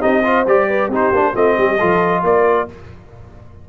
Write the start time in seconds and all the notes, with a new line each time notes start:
0.00 C4 D#4 G4 D#5
0.23 F4 C5
0.46 G3 G4 D5
0.67 B4
0.88 C4 D#4 G4
0.94 C5
1.12 A#3 D4
1.34 A3 C4 F4 D#5
1.57 G3 G4
1.77 F3 F4 A4
2.23 A#3 A#4 D5